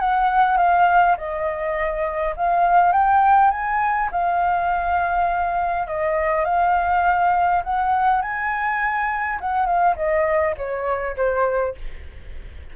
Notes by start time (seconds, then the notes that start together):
0.00 F#5
0.57 F5
1.18 D#5
2.37 F5
2.93 G5
3.51 G#5
4.12 F5
5.87 D#5
6.45 F5
7.64 F#5
8.22 G#5
9.41 F#5
9.66 F5
9.96 D#5
10.58 C#5
11.17 C5